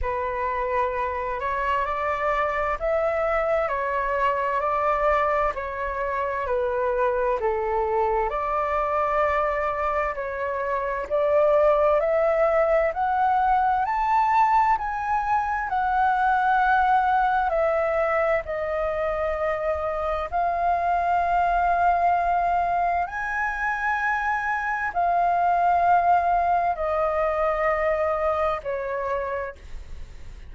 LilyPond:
\new Staff \with { instrumentName = "flute" } { \time 4/4 \tempo 4 = 65 b'4. cis''8 d''4 e''4 | cis''4 d''4 cis''4 b'4 | a'4 d''2 cis''4 | d''4 e''4 fis''4 a''4 |
gis''4 fis''2 e''4 | dis''2 f''2~ | f''4 gis''2 f''4~ | f''4 dis''2 cis''4 | }